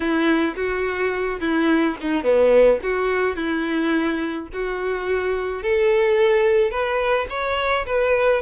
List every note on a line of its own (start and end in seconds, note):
0.00 0.55 E4
0.56 1.40 F#4
1.40 1.96 E4
2.01 2.23 D#4
2.23 2.79 B3
2.82 3.36 F#4
3.36 4.48 E4
4.53 5.62 F#4
5.62 6.70 A4
6.70 7.26 B4
7.29 7.85 C#5
7.86 8.41 B4